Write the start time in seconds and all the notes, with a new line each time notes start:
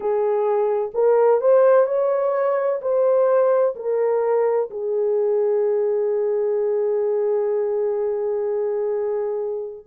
0.00 G#4
0.94 A#4
1.41 C5
1.86 C#5
2.81 C5
3.75 A#4
4.70 G#4